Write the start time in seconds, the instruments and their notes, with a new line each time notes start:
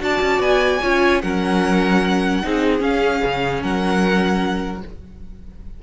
0.00 cello D4, viola F#4, violin D5 A5
0.21 cello C#4
0.39 cello B3, violin G#5
0.82 cello C#4, viola F4, violin C#5
1.22 cello F#3, viola C#4, violin A#4 F#5
2.43 cello C4, viola D#4, violin G#4
2.79 viola C#4, cello C#4, violin F5
3.25 cello C#3
3.63 cello F#3, violin A#4 F#5